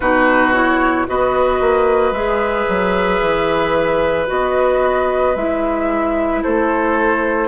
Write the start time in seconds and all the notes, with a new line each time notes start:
0.00 B2 D#4 F#4 B4
0.52 E4 C#5
1.07 B3 F#4 B4 D#5
1.60 A#3
2.11 G#3 G#4 E5
2.68 F#3
3.21 E3
4.27 B3 F#4 D#5
5.35 G#3 E4 E5
6.42 A3 A4 C5